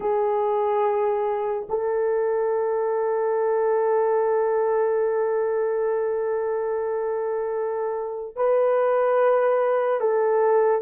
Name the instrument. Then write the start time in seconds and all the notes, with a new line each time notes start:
horn
0.00 G#4
1.69 A4
8.36 B4
10.00 A4